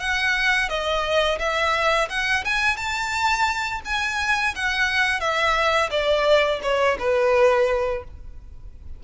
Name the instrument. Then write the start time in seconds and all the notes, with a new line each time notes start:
violin
0.00 F#5
0.69 D#5
1.40 E5
2.10 F#5
2.45 G#5
2.77 A5
3.85 G#5
4.56 F#5
5.20 E5
5.91 D5
6.63 C#5
7.00 B4